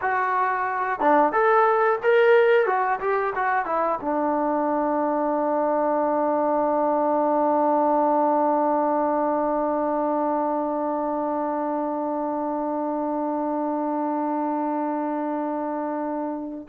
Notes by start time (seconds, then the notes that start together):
0.01 F#4
0.99 D4
1.32 A4
2.02 A#4
2.66 F#4
3.00 G4
3.35 F#4
3.65 E4
4.01 D4